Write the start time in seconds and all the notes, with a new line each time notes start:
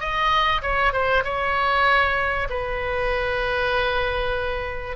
0.00 D#5
0.62 C#5
0.93 C5
1.25 C#5
2.50 B4